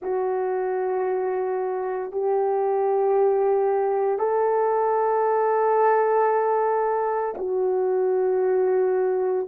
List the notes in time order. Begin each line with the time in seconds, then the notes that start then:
0.02 F#4
2.11 G4
4.18 A4
7.37 F#4